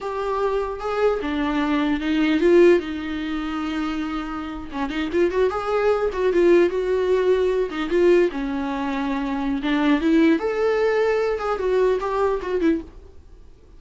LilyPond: \new Staff \with { instrumentName = "viola" } { \time 4/4 \tempo 4 = 150 g'2 gis'4 d'4~ | d'4 dis'4 f'4 dis'4~ | dis'2.~ dis'8. cis'16~ | cis'16 dis'8 f'8 fis'8 gis'4. fis'8 f'16~ |
f'8. fis'2~ fis'8 dis'8 f'16~ | f'8. cis'2.~ cis'16 | d'4 e'4 a'2~ | a'8 gis'8 fis'4 g'4 fis'8 e'8 | }